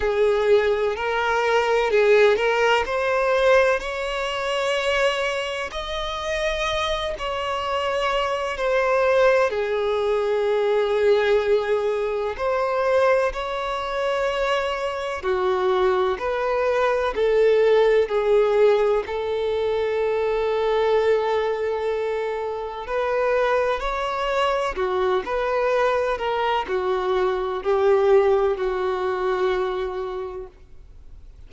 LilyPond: \new Staff \with { instrumentName = "violin" } { \time 4/4 \tempo 4 = 63 gis'4 ais'4 gis'8 ais'8 c''4 | cis''2 dis''4. cis''8~ | cis''4 c''4 gis'2~ | gis'4 c''4 cis''2 |
fis'4 b'4 a'4 gis'4 | a'1 | b'4 cis''4 fis'8 b'4 ais'8 | fis'4 g'4 fis'2 | }